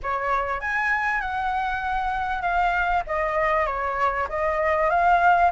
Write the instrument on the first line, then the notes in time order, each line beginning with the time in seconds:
flute
0.03 C#5
0.60 G#5
1.21 F#5
2.42 F5
3.06 D#5
3.66 C#5
4.29 D#5
4.90 F5